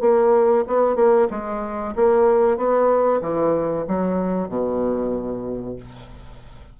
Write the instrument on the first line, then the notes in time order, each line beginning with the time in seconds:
bassoon
0.00 A#3
0.67 B3
0.95 A#3
1.30 G#3
1.95 A#3
2.56 B3
3.21 E3
3.87 F#3
4.48 B2